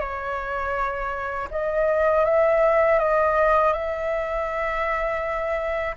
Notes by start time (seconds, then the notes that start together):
0.00 C#5
1.51 D#5
2.25 E5
2.99 D#5
3.73 E5